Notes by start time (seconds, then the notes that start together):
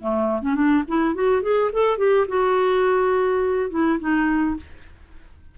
0.00 A3
0.42 C#4
0.55 D4
0.88 E4
1.15 F#4
1.42 G#4
1.73 A4
1.98 G4
2.28 F#4
3.70 E4
3.99 D#4